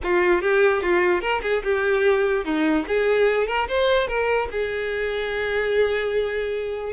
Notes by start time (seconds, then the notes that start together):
0.03 F4
0.41 G4
0.82 F4
1.21 A#4
1.42 G#4
1.63 G4
2.44 D#4
2.87 G#4
3.47 A#4
3.68 C5
4.07 A#4
4.51 G#4